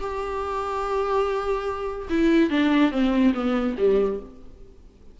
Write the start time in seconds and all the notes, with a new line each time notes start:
0.00 G4
2.10 E4
2.50 D4
2.91 C4
3.34 B3
3.78 G3